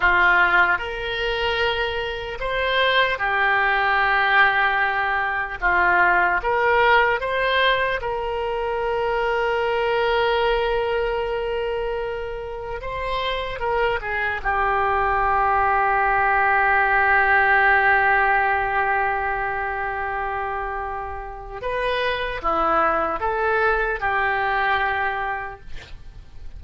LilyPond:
\new Staff \with { instrumentName = "oboe" } { \time 4/4 \tempo 4 = 75 f'4 ais'2 c''4 | g'2. f'4 | ais'4 c''4 ais'2~ | ais'1 |
c''4 ais'8 gis'8 g'2~ | g'1~ | g'2. b'4 | e'4 a'4 g'2 | }